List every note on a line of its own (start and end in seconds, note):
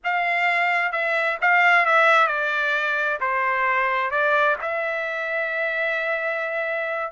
0.03 0.92 F5
0.92 1.37 E5
1.41 1.85 F5
1.85 2.27 E5
2.27 3.18 D5
3.20 4.10 C5
4.10 4.56 D5
4.61 7.11 E5